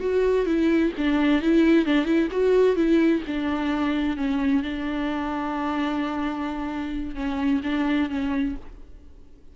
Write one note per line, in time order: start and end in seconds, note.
0.00 0.46 F#4
0.46 0.93 E4
0.98 1.42 D4
1.42 1.86 E4
1.86 2.05 D4
2.05 2.28 E4
2.31 2.76 F#4
2.76 3.22 E4
3.27 4.17 D4
4.17 4.63 C#4
4.63 7.15 D4
7.15 7.62 C#4
7.64 8.10 D4
8.10 8.56 C#4